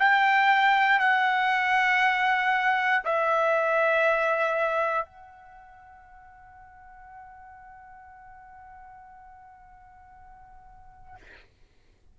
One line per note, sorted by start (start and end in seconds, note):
0.00 1.00 G5
1.00 3.03 F#5
3.05 5.06 E5
5.06 11.16 F#5